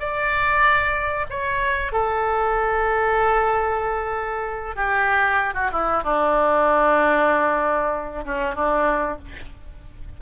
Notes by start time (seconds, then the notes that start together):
0.00 D5
1.30 C#5
1.93 A4
4.76 G4
5.55 F#4
5.72 E4
6.04 D4
8.25 C#4
8.56 D4